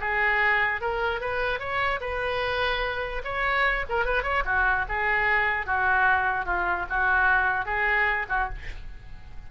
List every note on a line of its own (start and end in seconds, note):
0.00 0.81 G#4
0.81 1.20 A#4
1.20 1.59 B4
1.59 2.00 C#5
2.00 3.22 B4
3.24 3.85 C#5
3.89 4.05 A#4
4.05 4.23 B4
4.23 4.43 C#5
4.45 4.85 F#4
4.89 5.66 G#4
5.66 6.45 F#4
6.45 6.86 F4
6.89 7.65 F#4
7.65 8.26 G#4
8.29 8.49 F#4